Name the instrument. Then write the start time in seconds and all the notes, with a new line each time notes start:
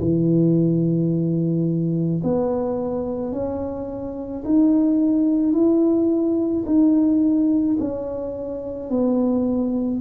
tuba
0.00 E3
2.24 B3
3.32 C#4
4.45 D#4
5.53 E4
6.66 D#4
7.79 C#4
8.90 B3